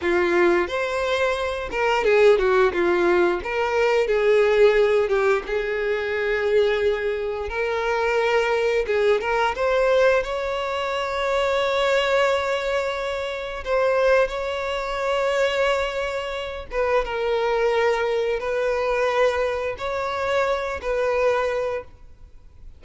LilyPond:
\new Staff \with { instrumentName = "violin" } { \time 4/4 \tempo 4 = 88 f'4 c''4. ais'8 gis'8 fis'8 | f'4 ais'4 gis'4. g'8 | gis'2. ais'4~ | ais'4 gis'8 ais'8 c''4 cis''4~ |
cis''1 | c''4 cis''2.~ | cis''8 b'8 ais'2 b'4~ | b'4 cis''4. b'4. | }